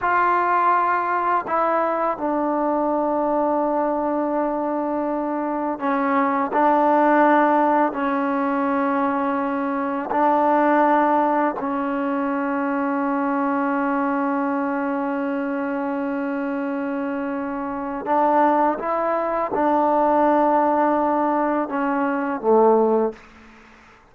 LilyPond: \new Staff \with { instrumentName = "trombone" } { \time 4/4 \tempo 4 = 83 f'2 e'4 d'4~ | d'1 | cis'4 d'2 cis'4~ | cis'2 d'2 |
cis'1~ | cis'1~ | cis'4 d'4 e'4 d'4~ | d'2 cis'4 a4 | }